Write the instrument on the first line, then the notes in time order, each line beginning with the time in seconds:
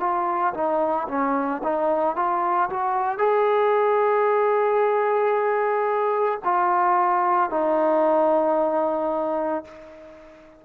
trombone
0.00 F4
0.54 D#4
1.09 C#4
1.64 D#4
2.16 F4
2.70 F#4
3.19 G#4
6.44 F4
7.50 D#4